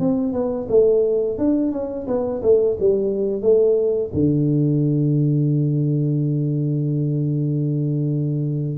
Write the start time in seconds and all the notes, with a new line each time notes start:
0.00 C4
0.33 B3
0.69 A3
1.38 D4
1.72 C#4
2.07 B3
2.43 A3
2.80 G3
3.42 A3
4.13 D3